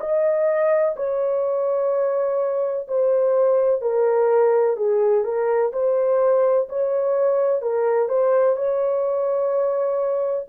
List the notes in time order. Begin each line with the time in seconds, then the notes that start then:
0.00 D#5
0.97 C#5
2.88 C5
3.81 A#4
4.77 G#4
5.24 A#4
5.73 C5
6.69 C#5
7.62 A#4
8.09 C5
8.56 C#5